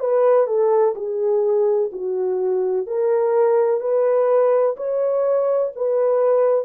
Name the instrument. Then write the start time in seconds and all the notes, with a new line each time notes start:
horn
0.00 B4
0.47 A4
0.96 G#4
1.92 F#4
2.87 A#4
3.81 B4
4.77 C#5
5.75 B4